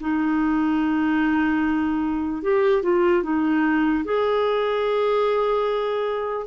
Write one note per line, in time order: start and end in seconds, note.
0.00 2.43 D#4
2.43 2.82 G4
2.82 3.23 F4
3.23 4.04 D#4
4.05 6.46 G#4